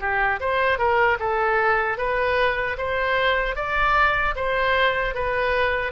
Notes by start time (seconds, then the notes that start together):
0.00 G4
0.40 C5
0.78 A#4
1.19 A4
1.98 B4
2.77 C5
3.56 D5
4.36 C5
5.14 B4